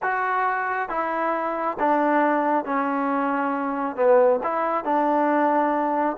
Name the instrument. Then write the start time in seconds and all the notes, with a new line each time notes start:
trombone
0.02 F#4
0.89 E4
1.79 D4
2.65 C#4
3.95 B3
4.43 E4
4.84 D4